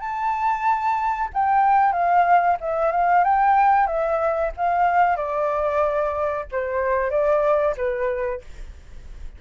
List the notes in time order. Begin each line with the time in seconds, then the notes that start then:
0.00 A5
1.33 G5
1.92 F5
2.60 E5
2.91 F5
3.24 G5
3.87 E5
4.57 F5
5.16 D5
6.51 C5
7.10 D5
7.77 B4